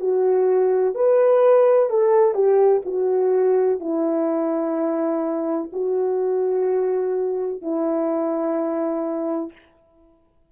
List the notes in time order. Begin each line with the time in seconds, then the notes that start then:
0.00 F#4
0.95 B4
1.90 A4
2.35 G4
2.85 F#4
3.80 E4
5.72 F#4
7.61 E4